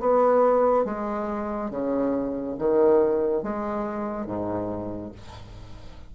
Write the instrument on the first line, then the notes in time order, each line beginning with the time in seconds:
bassoon
0.00 B3
0.85 G#3
1.71 C#3
2.59 D#3
3.43 G#3
4.26 G#2